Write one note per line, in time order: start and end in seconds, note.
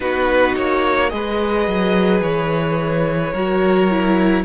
0.00 0.56 B3
0.00 1.09 D#4
0.00 1.11 F#4
0.00 0.55 B4
0.56 1.12 A#3
0.56 1.09 C#5
1.09 1.67 G#3
1.09 3.31 G#4
1.09 3.33 B4
1.09 2.20 D#5
1.67 2.21 F#3
2.21 3.32 E3
2.21 4.44 C#5
3.33 4.44 F#3
3.33 3.90 F#4
3.33 4.44 A#4
3.90 4.44 E4